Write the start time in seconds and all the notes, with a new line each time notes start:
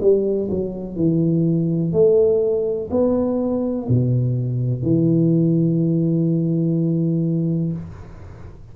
0.00 G3
0.50 F#3
0.95 E3
1.92 A3
2.90 B3
3.88 B2
4.82 E3